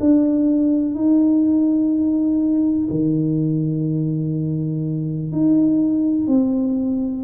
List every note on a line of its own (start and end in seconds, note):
0.00 0.95 D4
0.95 2.89 D#4
2.90 5.32 D#3
5.32 6.27 D#4
6.27 7.24 C4